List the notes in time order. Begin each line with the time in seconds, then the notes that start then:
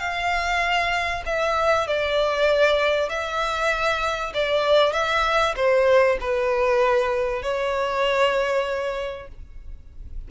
0.00 F5
1.26 E5
1.88 D5
3.10 E5
4.34 D5
4.93 E5
5.56 C5
6.21 B4
7.43 C#5